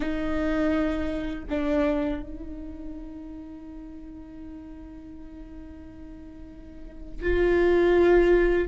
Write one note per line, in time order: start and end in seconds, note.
0.00 1.44 D#4
1.49 2.22 D4
2.22 7.22 D#4
7.22 8.68 F4